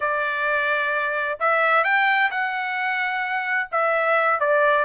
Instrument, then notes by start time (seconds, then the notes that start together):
trumpet
0.00 D5
1.39 E5
1.84 G5
2.30 F#5
3.71 E5
4.40 D5